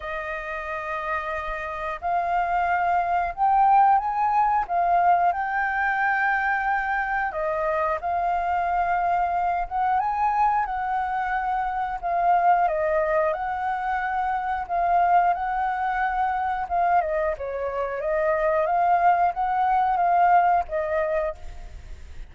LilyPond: \new Staff \with { instrumentName = "flute" } { \time 4/4 \tempo 4 = 90 dis''2. f''4~ | f''4 g''4 gis''4 f''4 | g''2. dis''4 | f''2~ f''8 fis''8 gis''4 |
fis''2 f''4 dis''4 | fis''2 f''4 fis''4~ | fis''4 f''8 dis''8 cis''4 dis''4 | f''4 fis''4 f''4 dis''4 | }